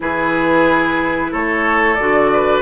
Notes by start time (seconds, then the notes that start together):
0.00 E3 E4 G#4 B4
1.31 A3 A4 C#5
1.94 D3 F#4 D5
2.32 B4